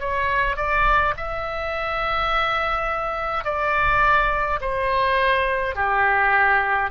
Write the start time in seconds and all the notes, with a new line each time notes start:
0.00 C#5
0.57 D5
1.17 E5
3.45 D5
4.61 C5
5.75 G4